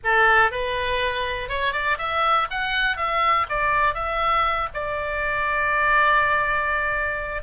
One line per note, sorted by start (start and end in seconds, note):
0.03 0.51 A4
0.51 1.48 B4
1.48 1.72 C#5
1.72 1.97 D5
1.98 2.47 E5
2.50 2.96 F#5
2.96 3.46 E5
3.49 3.94 D5
3.94 4.68 E5
4.74 7.42 D5